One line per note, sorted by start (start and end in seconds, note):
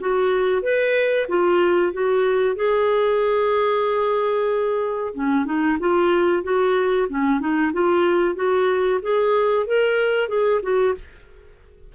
0.00 0.62 F#4
0.62 1.27 B4
1.29 1.93 F4
1.93 2.56 F#4
2.56 5.14 G#4
5.14 5.45 C#4
5.45 5.78 D#4
5.79 6.43 F4
6.43 7.08 F#4
7.09 7.40 C#4
7.40 7.72 D#4
7.73 8.35 F4
8.35 9.00 F#4
9.02 9.67 G#4
9.67 10.29 A#4
10.29 10.61 G#4
10.62 10.95 F#4